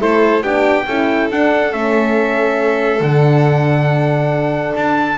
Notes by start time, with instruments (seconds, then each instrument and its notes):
0.00 double bass A3, horn E4, violin A4, trumpet C5
0.43 double bass B3, horn D4, violin G4, trumpet G5
0.87 double bass C#4, horn E4, violin A4
1.31 double bass D4, horn D4, trumpet F#5
1.73 double bass A3, horn C#4, trumpet E5
3.01 double bass D3, horn D4, trumpet F#5
4.76 double bass D4, trumpet A5